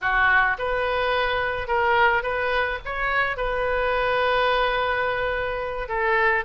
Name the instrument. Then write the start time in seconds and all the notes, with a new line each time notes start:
oboe
0.01 F#4
0.58 B4
1.67 A#4
2.22 B4
2.85 C#5
3.36 B4
5.88 A4